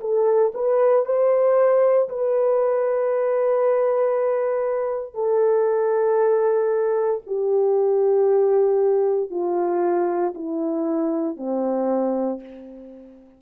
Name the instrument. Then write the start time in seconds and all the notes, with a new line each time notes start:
horn
0.00 A4
0.54 B4
1.05 C5
2.09 B4
5.14 A4
7.26 G4
9.30 F4
10.34 E4
11.37 C4